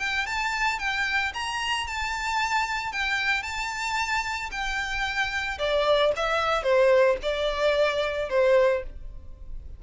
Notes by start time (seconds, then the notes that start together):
0.00 G5
0.27 A5
0.80 G5
1.34 A#5
1.87 A5
2.93 G5
3.43 A5
4.52 G5
5.59 D5
6.17 E5
6.64 C5
7.23 D5
8.30 C5